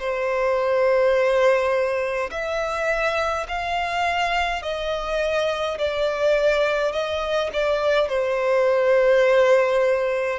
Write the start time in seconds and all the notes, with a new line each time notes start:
0.00 C5
2.31 E5
3.49 F5
4.63 D#5
5.78 D5
6.93 D#5
7.53 D5
8.09 C5